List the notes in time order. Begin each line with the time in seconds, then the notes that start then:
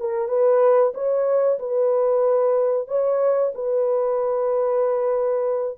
0.00 A#4
0.28 B4
0.94 C#5
1.59 B4
2.88 C#5
3.55 B4